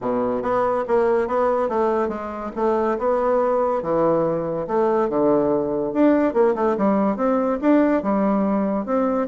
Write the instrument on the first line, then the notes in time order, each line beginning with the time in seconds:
bassoon
0.01 B2
0.42 B3
0.87 A#3
1.27 B3
1.68 A3
2.08 G#3
2.55 A3
2.98 B3
3.82 E3
4.67 A3
5.09 D3
5.93 D4
6.33 A#3
6.55 A3
6.77 G3
7.16 C4
7.61 D4
8.02 G3
8.85 C4